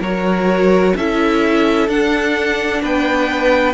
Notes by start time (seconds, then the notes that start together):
0.00 F#3 F#4 A#4 C#5
0.97 C#4 E4 A4 E5
1.88 D4 F#5
2.82 B3 B4 G5